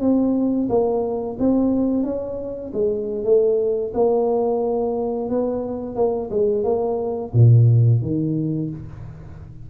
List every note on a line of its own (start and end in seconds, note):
0.00 0.68 C4
0.69 1.37 A#3
1.39 2.03 C4
2.03 2.71 C#4
2.73 3.24 G#3
3.24 3.92 A3
3.94 5.29 A#3
5.29 5.95 B3
5.95 6.29 A#3
6.30 6.64 G#3
6.64 7.32 A#3
7.33 8.01 A#2
8.01 8.70 D#3